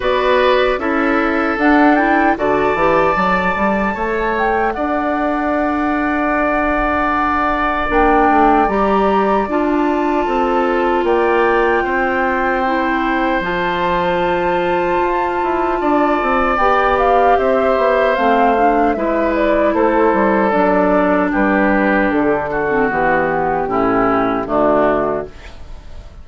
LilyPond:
<<
  \new Staff \with { instrumentName = "flute" } { \time 4/4 \tempo 4 = 76 d''4 e''4 fis''8 g''8 a''4~ | a''4. g''8 fis''2~ | fis''2 g''4 ais''4 | a''2 g''2~ |
g''4 a''2.~ | a''4 g''8 f''8 e''4 f''4 | e''8 d''8 c''4 d''4 b'4 | a'4 g'2 fis'4 | }
  \new Staff \with { instrumentName = "oboe" } { \time 4/4 b'4 a'2 d''4~ | d''4 cis''4 d''2~ | d''1~ | d''4 a'4 d''4 c''4~ |
c''1 | d''2 c''2 | b'4 a'2 g'4~ | g'8 fis'4. e'4 d'4 | }
  \new Staff \with { instrumentName = "clarinet" } { \time 4/4 fis'4 e'4 d'8 e'8 fis'8 g'8 | a'1~ | a'2 d'4 g'4 | f'1 |
e'4 f'2.~ | f'4 g'2 c'8 d'8 | e'2 d'2~ | d'8. c'16 b4 cis'4 a4 | }
  \new Staff \with { instrumentName = "bassoon" } { \time 4/4 b4 cis'4 d'4 d8 e8 | fis8 g8 a4 d'2~ | d'2 ais8 a8 g4 | d'4 c'4 ais4 c'4~ |
c'4 f2 f'8 e'8 | d'8 c'8 b4 c'8 b8 a4 | gis4 a8 g8 fis4 g4 | d4 e4 a,4 d4 | }
>>